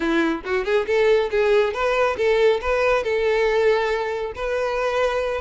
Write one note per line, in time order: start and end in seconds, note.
0.00 0.41 E4
0.44 0.64 F#4
0.64 0.86 G#4
0.86 1.29 A4
1.30 1.73 G#4
1.73 2.16 B4
2.17 2.60 A4
2.61 3.03 B4
3.03 4.33 A4
4.35 5.41 B4